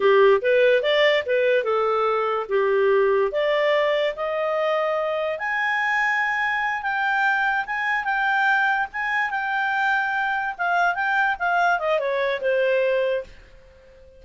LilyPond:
\new Staff \with { instrumentName = "clarinet" } { \time 4/4 \tempo 4 = 145 g'4 b'4 d''4 b'4 | a'2 g'2 | d''2 dis''2~ | dis''4 gis''2.~ |
gis''8 g''2 gis''4 g''8~ | g''4. gis''4 g''4.~ | g''4. f''4 g''4 f''8~ | f''8 dis''8 cis''4 c''2 | }